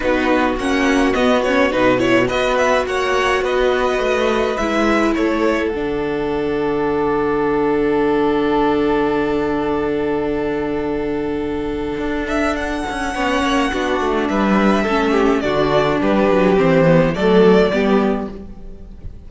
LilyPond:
<<
  \new Staff \with { instrumentName = "violin" } { \time 4/4 \tempo 4 = 105 b'4 fis''4 dis''8 cis''8 b'8 cis''8 | dis''8 e''8 fis''4 dis''2 | e''4 cis''4 fis''2~ | fis''1~ |
fis''1~ | fis''4. e''8 fis''2~ | fis''4 e''2 d''4 | b'4 c''4 d''2 | }
  \new Staff \with { instrumentName = "violin" } { \time 4/4 fis'1 | b'4 cis''4 b'2~ | b'4 a'2.~ | a'1~ |
a'1~ | a'2. cis''4 | fis'4 b'4 a'8 g'8 fis'4 | g'2 a'4 g'4 | }
  \new Staff \with { instrumentName = "viola" } { \time 4/4 dis'4 cis'4 b8 cis'8 dis'8 e'8 | fis'1 | e'2 d'2~ | d'1~ |
d'1~ | d'2. cis'4 | d'2 cis'4 d'4~ | d'4 c'8 b8 a4 b4 | }
  \new Staff \with { instrumentName = "cello" } { \time 4/4 b4 ais4 b4 b,4 | b4 ais4 b4 a4 | gis4 a4 d2~ | d1~ |
d1~ | d4 d'4. cis'8 b8 ais8 | b8 a8 g4 a4 d4 | g8 fis8 e4 fis4 g4 | }
>>